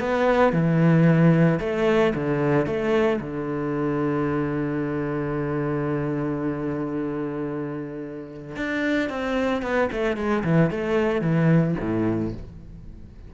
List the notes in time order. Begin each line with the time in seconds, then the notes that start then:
0.00 B3
0.53 E3
1.60 A3
2.15 D3
2.67 A3
3.21 D3
8.57 D4
9.10 C4
9.62 B3
9.92 A3
10.17 G#3
10.44 E3
10.71 A3
11.22 E3
11.81 A2